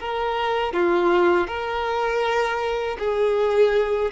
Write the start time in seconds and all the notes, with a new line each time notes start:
0.00 A#4
0.73 F4
1.47 A#4
2.99 G#4